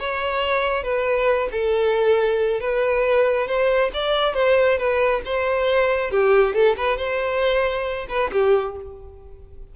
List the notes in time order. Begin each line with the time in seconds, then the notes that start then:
0.00 C#5
0.84 B4
1.52 A4
2.61 B4
3.48 C5
3.94 D5
4.35 C5
4.78 B4
5.26 C5
6.11 G4
6.55 A4
6.77 B4
6.98 C5
8.09 B4
8.33 G4